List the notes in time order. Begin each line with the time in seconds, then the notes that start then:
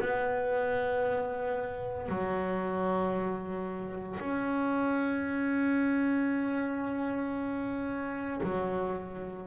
0.00 B3
2.08 F#3
4.20 C#4
8.43 F#3